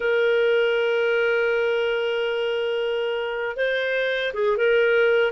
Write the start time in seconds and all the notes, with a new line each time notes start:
0.00 A#4
3.56 C5
4.33 G#4
4.57 A#4